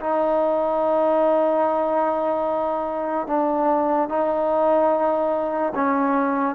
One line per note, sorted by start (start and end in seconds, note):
0.00 3.27 D#4
3.27 4.09 D4
4.09 5.73 D#4
5.75 6.55 C#4